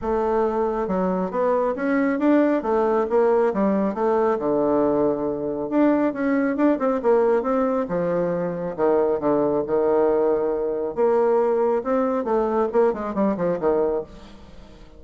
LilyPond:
\new Staff \with { instrumentName = "bassoon" } { \time 4/4 \tempo 4 = 137 a2 fis4 b4 | cis'4 d'4 a4 ais4 | g4 a4 d2~ | d4 d'4 cis'4 d'8 c'8 |
ais4 c'4 f2 | dis4 d4 dis2~ | dis4 ais2 c'4 | a4 ais8 gis8 g8 f8 dis4 | }